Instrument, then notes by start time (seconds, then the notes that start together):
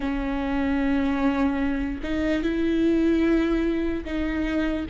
viola
0.00 C#4
2.03 D#4
2.42 E4
4.04 D#4